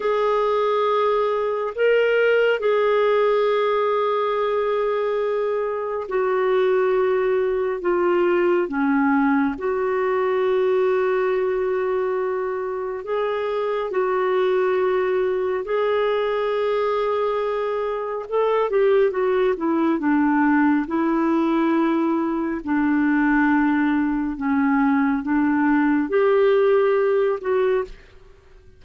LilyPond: \new Staff \with { instrumentName = "clarinet" } { \time 4/4 \tempo 4 = 69 gis'2 ais'4 gis'4~ | gis'2. fis'4~ | fis'4 f'4 cis'4 fis'4~ | fis'2. gis'4 |
fis'2 gis'2~ | gis'4 a'8 g'8 fis'8 e'8 d'4 | e'2 d'2 | cis'4 d'4 g'4. fis'8 | }